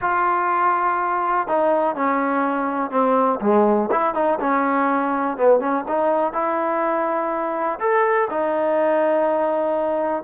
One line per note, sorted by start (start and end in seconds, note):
0.01 1.47 F4
1.47 1.95 D#4
1.95 2.90 C#4
2.90 3.39 C4
3.40 3.89 G#3
3.91 4.14 E4
4.14 4.39 D#4
4.40 5.37 C#4
5.37 5.59 B3
5.59 5.84 C#4
5.88 6.33 D#4
6.33 7.79 E4
7.79 8.28 A4
8.29 10.23 D#4